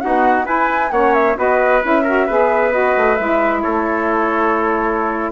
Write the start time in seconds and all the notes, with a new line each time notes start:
0.00 B3 D#4 F#4 F#5
0.44 E4 B4 G#5
0.91 A#3 C#4 C#5 F#5
1.14 E5
1.36 B3 F#4 B4 D#5
1.81 C#4 E4 E5
2.03 F#4 A#4
2.26 B3 G#4 B4
2.71 F#4 D#5
2.96 A3
3.16 G#3 E4 E5
3.61 A3 A4 C#5